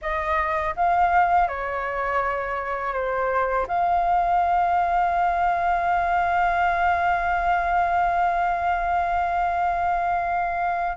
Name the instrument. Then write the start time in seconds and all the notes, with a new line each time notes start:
flute
0.01 D#5
0.75 F5
1.47 C#5
2.93 C5
3.67 F5